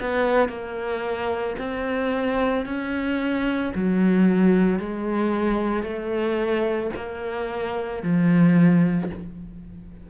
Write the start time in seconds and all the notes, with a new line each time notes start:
0.00 B3
0.49 A#3
1.58 C4
2.65 C#4
3.75 F#3
4.79 G#3
5.83 A3
6.96 A#3
8.03 F3